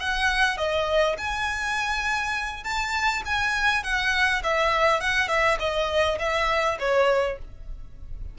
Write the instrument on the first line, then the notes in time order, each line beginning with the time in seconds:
violin
0.00 F#5
0.57 D#5
1.18 G#5
2.64 A5
3.25 G#5
3.83 F#5
4.44 E5
5.01 F#5
5.28 E5
5.59 D#5
6.19 E5
6.79 C#5